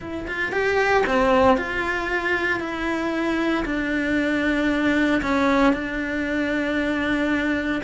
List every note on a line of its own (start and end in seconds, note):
0.00 0.26 E4
0.27 0.51 F4
0.51 1.04 G4
1.06 1.57 C4
1.57 2.59 F4
2.59 3.64 E4
3.65 5.21 D4
5.22 5.73 C#4
5.73 7.81 D4